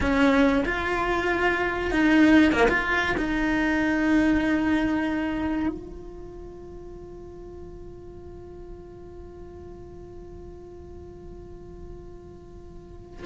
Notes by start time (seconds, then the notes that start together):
0.00 C#4
0.65 F4
1.91 D#4
2.52 A#3
2.68 F4
3.17 D#4
5.68 F4